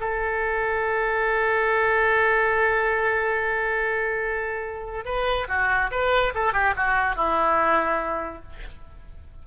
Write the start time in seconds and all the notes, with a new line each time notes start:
0.00 A4
5.05 B4
5.48 F#4
5.91 B4
6.35 A4
6.53 G4
6.76 F#4
7.16 E4